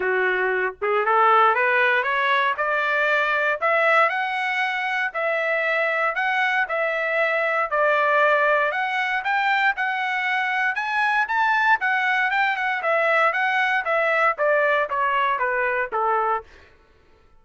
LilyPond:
\new Staff \with { instrumentName = "trumpet" } { \time 4/4 \tempo 4 = 117 fis'4. gis'8 a'4 b'4 | cis''4 d''2 e''4 | fis''2 e''2 | fis''4 e''2 d''4~ |
d''4 fis''4 g''4 fis''4~ | fis''4 gis''4 a''4 fis''4 | g''8 fis''8 e''4 fis''4 e''4 | d''4 cis''4 b'4 a'4 | }